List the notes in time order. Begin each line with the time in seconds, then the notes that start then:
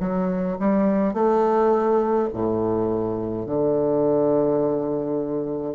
0.00 F#3
0.60 G3
1.14 A3
2.33 A2
3.46 D3